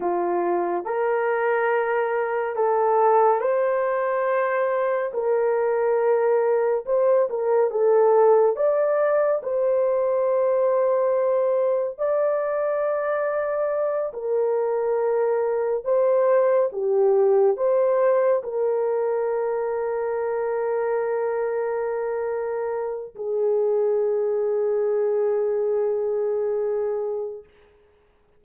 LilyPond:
\new Staff \with { instrumentName = "horn" } { \time 4/4 \tempo 4 = 70 f'4 ais'2 a'4 | c''2 ais'2 | c''8 ais'8 a'4 d''4 c''4~ | c''2 d''2~ |
d''8 ais'2 c''4 g'8~ | g'8 c''4 ais'2~ ais'8~ | ais'2. gis'4~ | gis'1 | }